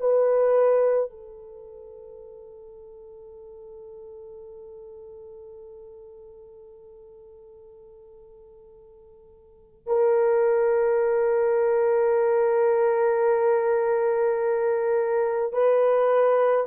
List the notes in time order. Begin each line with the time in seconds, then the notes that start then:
0.00 B4
1.10 A4
9.86 A#4
15.53 B4